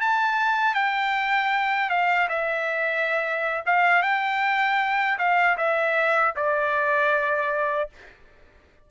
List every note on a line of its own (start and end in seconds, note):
0.00 0.74 A5
0.74 1.90 G5
1.90 2.28 F5
2.29 3.63 E5
3.66 4.02 F5
4.02 5.18 G5
5.18 5.57 F5
5.57 6.34 E5
6.36 7.90 D5